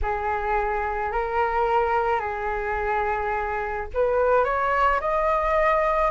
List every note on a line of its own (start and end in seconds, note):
0.02 1.12 G#4
1.12 2.19 A#4
2.19 3.86 G#4
3.93 4.44 B4
4.44 4.99 C#5
5.00 6.11 D#5